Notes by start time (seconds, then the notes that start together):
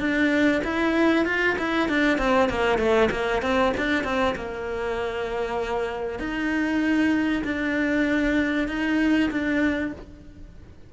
0.00 D4
0.64 E4
1.26 F4
1.59 E4
1.89 D4
2.19 C4
2.50 A#3
2.79 A3
3.12 A#3
3.42 C4
3.78 D4
4.05 C4
4.36 A#3
6.20 D#4
7.45 D4
8.69 D#4
9.31 D4